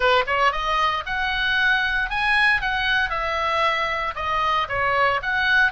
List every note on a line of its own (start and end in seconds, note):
0.00 0.23 B4
0.26 0.51 C#5
0.51 1.04 D#5
1.06 2.09 F#5
2.09 2.61 G#5
2.61 3.09 F#5
3.09 4.14 E5
4.15 4.67 D#5
4.68 5.21 C#5
5.22 5.71 F#5